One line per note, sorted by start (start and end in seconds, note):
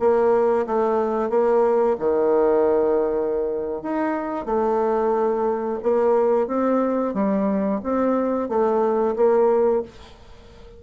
0.00 0.67 A#3
0.67 1.30 A3
1.30 1.97 A#3
2.00 3.83 D#3
3.83 4.46 D#4
4.46 5.79 A3
5.83 6.48 A#3
6.48 7.14 C4
7.14 7.81 G3
7.84 8.49 C4
8.49 9.16 A3
9.16 9.83 A#3